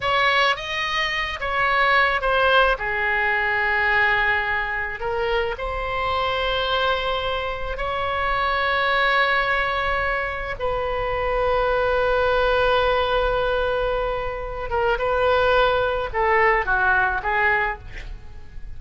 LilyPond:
\new Staff \with { instrumentName = "oboe" } { \time 4/4 \tempo 4 = 108 cis''4 dis''4. cis''4. | c''4 gis'2.~ | gis'4 ais'4 c''2~ | c''2 cis''2~ |
cis''2. b'4~ | b'1~ | b'2~ b'8 ais'8 b'4~ | b'4 a'4 fis'4 gis'4 | }